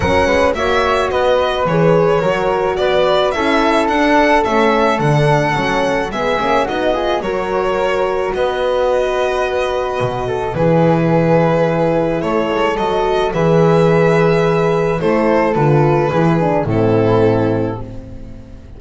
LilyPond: <<
  \new Staff \with { instrumentName = "violin" } { \time 4/4 \tempo 4 = 108 fis''4 e''4 dis''4 cis''4~ | cis''4 d''4 e''4 fis''4 | e''4 fis''2 e''4 | dis''4 cis''2 dis''4~ |
dis''2. b'4~ | b'2 cis''4 dis''4 | e''2. c''4 | b'2 a'2 | }
  \new Staff \with { instrumentName = "flute" } { \time 4/4 ais'8 b'8 cis''4 b'2 | ais'4 b'4 a'2~ | a'2. gis'4 | fis'8 gis'8 ais'2 b'4~ |
b'2~ b'8 a'8 gis'4~ | gis'2 a'2 | b'2. a'4~ | a'4 gis'4 e'2 | }
  \new Staff \with { instrumentName = "horn" } { \time 4/4 cis'4 fis'2 gis'4 | fis'2 e'4 d'4 | cis'4 d'4 cis'4 b8 cis'8 | dis'8 f'8 fis'2.~ |
fis'2. e'4~ | e'2. fis'4 | gis'2. e'4 | f'4 e'8 d'8 c'2 | }
  \new Staff \with { instrumentName = "double bass" } { \time 4/4 fis8 gis8 ais4 b4 e4 | fis4 b4 cis'4 d'4 | a4 d4 fis4 gis8 ais8 | b4 fis2 b4~ |
b2 b,4 e4~ | e2 a8 gis8 fis4 | e2. a4 | d4 e4 a,2 | }
>>